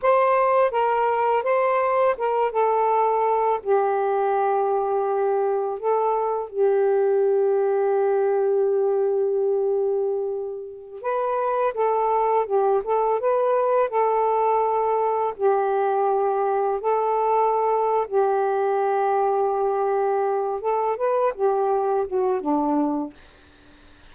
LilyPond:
\new Staff \with { instrumentName = "saxophone" } { \time 4/4 \tempo 4 = 83 c''4 ais'4 c''4 ais'8 a'8~ | a'4 g'2. | a'4 g'2.~ | g'2.~ g'16 b'8.~ |
b'16 a'4 g'8 a'8 b'4 a'8.~ | a'4~ a'16 g'2 a'8.~ | a'4 g'2.~ | g'8 a'8 b'8 g'4 fis'8 d'4 | }